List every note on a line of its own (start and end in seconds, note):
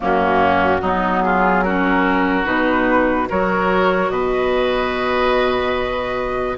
0.00 0.81 F#2
0.00 0.80 A#3
0.00 0.81 C#4
0.00 1.22 F#4
0.81 2.46 F#3
0.81 1.65 B3
0.81 1.22 D#4
1.22 1.64 F4
1.22 1.63 G#4
1.63 2.44 C#4
1.63 3.28 F#4
1.63 2.45 A#4
2.44 3.28 B2
2.44 3.26 D#4
2.44 3.27 B4
3.29 4.10 F#3
3.29 6.57 F#4
3.29 4.11 A#4
3.29 4.10 C#5
4.10 6.56 B2
4.10 6.57 B4
4.10 6.57 D#5